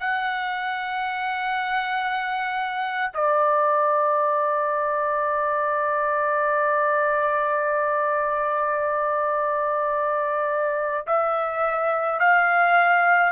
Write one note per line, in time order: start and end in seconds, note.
0.00 3.11 F#5
3.14 11.06 D5
11.07 12.20 E5
12.20 13.32 F5